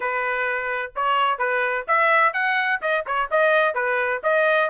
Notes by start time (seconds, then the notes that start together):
0.00 B4
0.95 C#5
1.38 B4
1.87 E5
2.33 F#5
2.81 D#5
3.06 C#5
3.30 D#5
3.74 B4
4.23 D#5